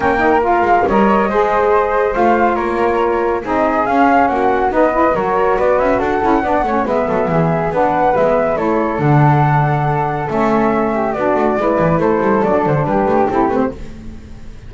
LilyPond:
<<
  \new Staff \with { instrumentName = "flute" } { \time 4/4 \tempo 4 = 140 g''4 f''4 dis''2~ | dis''4 f''4 cis''2 | dis''4 f''4 fis''4 dis''4 | cis''4 d''8 e''8 fis''2 |
e''2 fis''4 e''4 | cis''4 fis''2. | e''2 d''2 | c''4 d''8 c''8 b'4 a'8 b'16 c''16 | }
  \new Staff \with { instrumentName = "flute" } { \time 4/4 ais'2 cis''4 c''4~ | c''2 ais'2 | gis'2 fis'4 b'4 | ais'4 b'4 a'4 d''8 cis''8 |
b'8 a'8 gis'4 b'2 | a'1~ | a'4. g'8 fis'4 b'4 | a'2 g'2 | }
  \new Staff \with { instrumentName = "saxophone" } { \time 4/4 cis'8 dis'8 f'4 ais'4 gis'4~ | gis'4 f'2. | dis'4 cis'2 dis'8 e'8 | fis'2~ fis'8 e'8 d'8 cis'8 |
b2 d'4 b4 | e'4 d'2. | cis'2 d'4 e'4~ | e'4 d'2 e'8 c'8 | }
  \new Staff \with { instrumentName = "double bass" } { \time 4/4 ais4. gis8 g4 gis4~ | gis4 a4 ais2 | c'4 cis'4 ais4 b4 | fis4 b8 cis'8 d'8 cis'8 b8 a8 |
gis8 fis8 e4 b4 gis4 | a4 d2. | a2 b8 a8 gis8 e8 | a8 g8 fis8 d8 g8 a8 c'8 a8 | }
>>